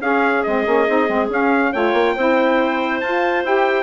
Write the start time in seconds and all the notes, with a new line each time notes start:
0.00 C#4 G#4 F5
0.43 G#3 C4 D#5
0.65 A#3 C#4
0.88 C4 D#4
1.07 G#3 C4
1.29 C#4 F5
1.72 A3 F4 C#5 G5
1.93 A#3
2.15 C4 E4 C5
3.00 F4 A5
3.44 E4 G4 G5